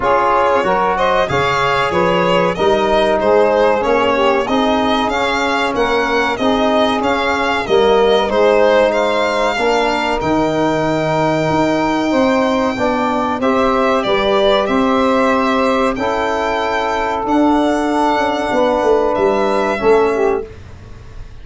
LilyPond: <<
  \new Staff \with { instrumentName = "violin" } { \time 4/4 \tempo 4 = 94 cis''4. dis''8 f''4 cis''4 | dis''4 c''4 cis''4 dis''4 | f''4 fis''4 dis''4 f''4 | dis''4 c''4 f''2 |
g''1~ | g''4 e''4 d''4 e''4~ | e''4 g''2 fis''4~ | fis''2 e''2 | }
  \new Staff \with { instrumentName = "saxophone" } { \time 4/4 gis'4 ais'8 c''8 cis''4 b'4 | ais'4 gis'4. g'8 gis'4~ | gis'4 ais'4 gis'2 | ais'4 gis'4 c''4 ais'4~ |
ais'2. c''4 | d''4 c''4 b'4 c''4~ | c''4 a'2.~ | a'4 b'2 a'8 g'8 | }
  \new Staff \with { instrumentName = "trombone" } { \time 4/4 f'4 fis'4 gis'2 | dis'2 cis'4 dis'4 | cis'2 dis'4 cis'4 | ais4 dis'2 d'4 |
dis'1 | d'4 g'2.~ | g'4 e'2 d'4~ | d'2. cis'4 | }
  \new Staff \with { instrumentName = "tuba" } { \time 4/4 cis'4 fis4 cis4 f4 | g4 gis4 ais4 c'4 | cis'4 ais4 c'4 cis'4 | g4 gis2 ais4 |
dis2 dis'4 c'4 | b4 c'4 g4 c'4~ | c'4 cis'2 d'4~ | d'8 cis'8 b8 a8 g4 a4 | }
>>